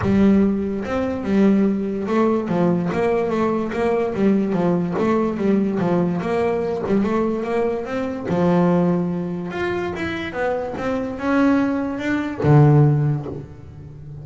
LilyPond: \new Staff \with { instrumentName = "double bass" } { \time 4/4 \tempo 4 = 145 g2 c'4 g4~ | g4 a4 f4 ais4 | a4 ais4 g4 f4 | a4 g4 f4 ais4~ |
ais8 g8 a4 ais4 c'4 | f2. f'4 | e'4 b4 c'4 cis'4~ | cis'4 d'4 d2 | }